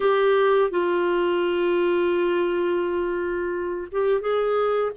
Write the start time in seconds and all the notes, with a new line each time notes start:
0.00 G4
0.70 F4
3.91 G4
4.20 G#4